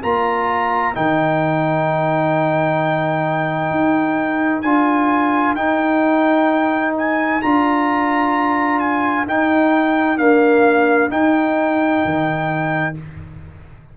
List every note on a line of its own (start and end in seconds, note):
0.00 0.95 A#3
0.00 0.94 F4
0.00 12.92 A#4
0.00 0.95 A#5
0.94 3.70 D#3
0.94 4.63 D#4
0.94 4.62 G5
3.70 4.62 D#4
4.62 5.55 D4
4.62 5.57 F4
4.62 5.54 G#5
5.55 7.40 D#4
5.55 7.41 D#4
5.55 6.93 G5
6.97 7.41 G#5
7.41 9.26 D4
7.41 9.26 F4
7.41 8.79 A#5
8.79 9.25 G#5
9.26 10.18 D#4
9.26 10.17 D#4
9.26 10.17 G5
10.17 11.09 A#3
10.17 11.11 D4
10.17 11.10 F5
11.09 12.94 D#4
11.09 12.03 D#4
11.09 12.95 G5
12.04 12.97 D#3